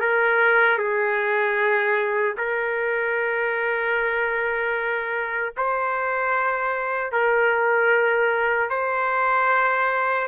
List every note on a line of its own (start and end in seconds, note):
0.00 0.78 A#4
0.78 2.35 G#4
2.37 5.53 A#4
5.57 7.12 C5
7.12 8.69 A#4
8.69 10.27 C5